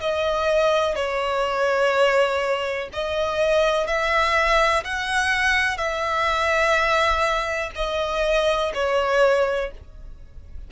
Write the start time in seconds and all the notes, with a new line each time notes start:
0.00 D#5
0.95 C#5
2.93 D#5
3.87 E5
4.84 F#5
5.78 E5
7.75 D#5
8.74 C#5